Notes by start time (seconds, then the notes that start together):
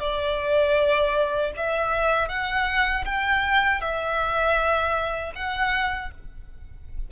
0.00 D5
1.56 E5
2.29 F#5
3.05 G5
3.81 E5
5.35 F#5